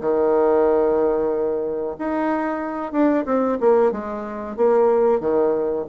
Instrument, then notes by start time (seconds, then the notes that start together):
bassoon
0.00 D#3
1.98 D#4
2.92 D4
3.25 C4
3.60 A#3
3.91 G#3
4.56 A#3
5.20 D#3